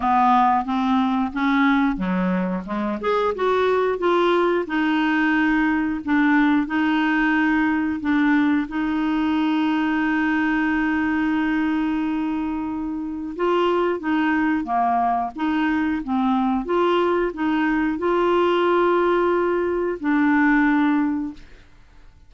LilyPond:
\new Staff \with { instrumentName = "clarinet" } { \time 4/4 \tempo 4 = 90 b4 c'4 cis'4 fis4 | gis8 gis'8 fis'4 f'4 dis'4~ | dis'4 d'4 dis'2 | d'4 dis'2.~ |
dis'1 | f'4 dis'4 ais4 dis'4 | c'4 f'4 dis'4 f'4~ | f'2 d'2 | }